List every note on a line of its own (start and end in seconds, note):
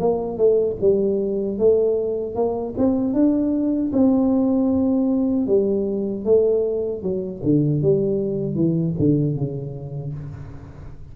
0.00 0.38 A#3
0.38 0.77 A3
0.81 1.59 G3
1.59 2.36 A3
2.36 2.74 A#3
2.78 3.14 C4
3.14 3.92 D4
3.93 5.47 C4
5.47 6.25 G3
6.25 7.02 A3
7.02 7.41 F#3
7.43 7.82 D3
7.82 8.55 G3
8.55 8.94 E3
8.99 9.36 D3
9.36 10.14 C#3